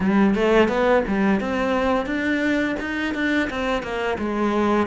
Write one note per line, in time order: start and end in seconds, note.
0.00 0.35 G3
0.35 0.68 A3
0.68 1.03 B3
1.07 1.40 G3
1.40 2.05 C4
2.05 2.75 D4
2.80 3.14 D#4
3.14 3.49 D4
3.49 3.82 C4
3.82 4.17 A#3
4.18 4.86 G#3